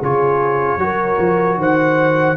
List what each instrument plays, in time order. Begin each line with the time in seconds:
0.00 tuba C#3, trombone F4, horn G#4, trumpet C#5
0.77 tuba F#3, trombone F#4, horn A#4
1.19 tuba F3
1.57 tuba D#3, horn C5, trumpet F#5